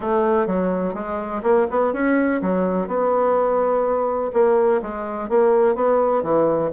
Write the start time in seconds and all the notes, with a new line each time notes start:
0.00 A3
0.47 F#3
0.94 G#3
1.43 A#3
1.70 B3
1.93 C#4
2.41 F#3
2.87 B3
4.33 A#3
4.81 G#3
5.29 A#3
5.75 B3
6.22 E3